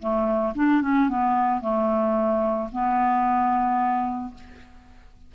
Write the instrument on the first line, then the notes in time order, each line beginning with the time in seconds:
clarinet
0.00 A3
0.55 D4
0.82 C#4
1.09 B3
1.61 A3
2.73 B3